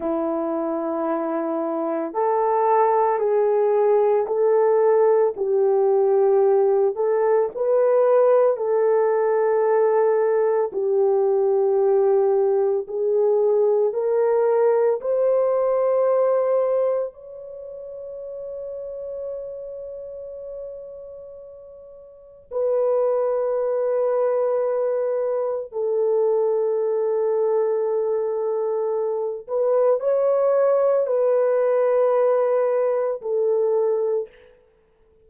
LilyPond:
\new Staff \with { instrumentName = "horn" } { \time 4/4 \tempo 4 = 56 e'2 a'4 gis'4 | a'4 g'4. a'8 b'4 | a'2 g'2 | gis'4 ais'4 c''2 |
cis''1~ | cis''4 b'2. | a'2.~ a'8 b'8 | cis''4 b'2 a'4 | }